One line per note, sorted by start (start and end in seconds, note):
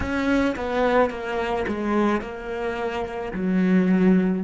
0.00 0.56 C#4
0.56 1.10 B3
1.10 1.65 A#3
1.67 2.21 G#3
2.21 3.32 A#3
3.33 4.43 F#3